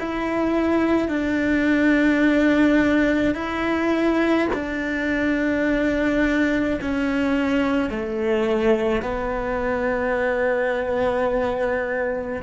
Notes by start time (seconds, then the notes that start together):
0.00 E4
1.09 D4
3.35 E4
4.54 D4
6.82 C#4
7.90 A3
9.03 B3